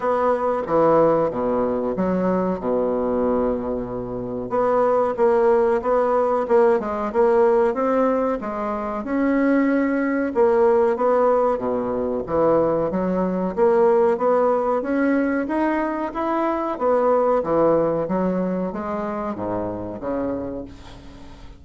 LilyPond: \new Staff \with { instrumentName = "bassoon" } { \time 4/4 \tempo 4 = 93 b4 e4 b,4 fis4 | b,2. b4 | ais4 b4 ais8 gis8 ais4 | c'4 gis4 cis'2 |
ais4 b4 b,4 e4 | fis4 ais4 b4 cis'4 | dis'4 e'4 b4 e4 | fis4 gis4 gis,4 cis4 | }